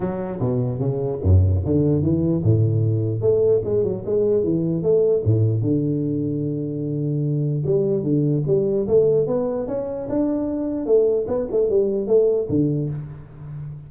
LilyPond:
\new Staff \with { instrumentName = "tuba" } { \time 4/4 \tempo 4 = 149 fis4 b,4 cis4 fis,4 | d4 e4 a,2 | a4 gis8 fis8 gis4 e4 | a4 a,4 d2~ |
d2. g4 | d4 g4 a4 b4 | cis'4 d'2 a4 | b8 a8 g4 a4 d4 | }